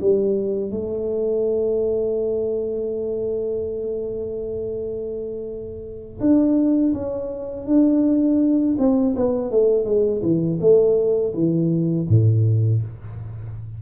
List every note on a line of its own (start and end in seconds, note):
0.00 0.71 G3
0.71 6.19 A3
6.20 6.93 D4
6.93 7.66 C#4
7.66 8.76 D4
8.78 9.15 C4
9.16 9.50 B3
9.50 9.84 A3
9.84 10.21 G#3
10.22 10.58 E3
10.60 11.33 A3
11.34 12.07 E3
12.09 12.82 A2